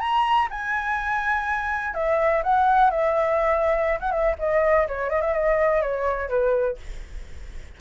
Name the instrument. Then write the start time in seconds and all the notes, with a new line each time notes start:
flute
0.00 A#5
0.51 G#5
1.94 E5
2.44 F#5
2.91 E5
4.01 F#5
4.12 E5
4.39 D#5
4.88 C#5
5.10 D#5
5.21 E5
5.34 D#5
5.82 C#5
6.29 B4